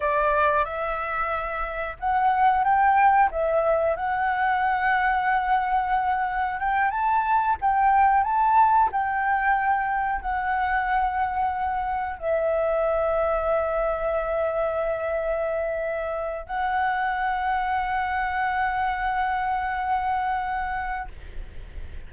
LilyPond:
\new Staff \with { instrumentName = "flute" } { \time 4/4 \tempo 4 = 91 d''4 e''2 fis''4 | g''4 e''4 fis''2~ | fis''2 g''8 a''4 g''8~ | g''8 a''4 g''2 fis''8~ |
fis''2~ fis''8 e''4.~ | e''1~ | e''4 fis''2.~ | fis''1 | }